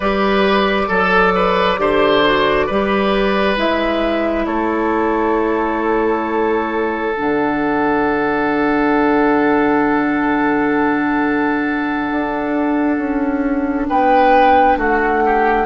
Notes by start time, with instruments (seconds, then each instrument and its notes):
0.00 bassoon G3, clarinet G4, oboe B4, flute D5
0.88 bassoon F#3, oboe A4, clarinet A4
1.35 oboe B4
1.78 bassoon D3, clarinet G4, oboe C5
2.25 clarinet F#4
2.66 bassoon G3, clarinet G4, oboe B4
3.56 bassoon G#3, clarinet E4, flute E5
4.46 bassoon A3, oboe A4, flute C#5
7.14 bassoon D3, clarinet D4, flute F#5
12.11 bassoon D4
12.98 bassoon C#4
13.88 bassoon B3, oboe B4, flute G5
14.76 bassoon A3, oboe F#4, flute F#5
15.25 oboe G4